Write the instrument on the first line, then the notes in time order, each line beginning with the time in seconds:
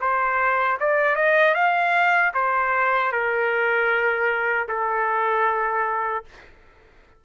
trumpet
0.00 C5
0.80 D5
1.15 D#5
1.54 F5
2.34 C5
3.12 A#4
4.68 A4